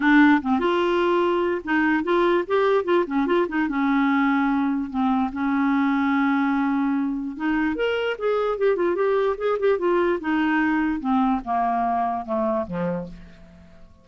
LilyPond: \new Staff \with { instrumentName = "clarinet" } { \time 4/4 \tempo 4 = 147 d'4 c'8 f'2~ f'8 | dis'4 f'4 g'4 f'8 cis'8 | f'8 dis'8 cis'2. | c'4 cis'2.~ |
cis'2 dis'4 ais'4 | gis'4 g'8 f'8 g'4 gis'8 g'8 | f'4 dis'2 c'4 | ais2 a4 f4 | }